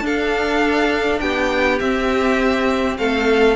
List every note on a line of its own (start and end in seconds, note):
0.00 1.18 D4
0.00 1.79 D4
0.00 1.21 A4
0.00 1.19 F5
1.19 1.80 B3
1.19 2.97 G4
1.19 1.78 G5
1.79 3.56 C4
1.79 2.98 C4
1.79 2.97 E5
2.98 3.56 A3
2.98 3.56 A4
2.98 3.56 F5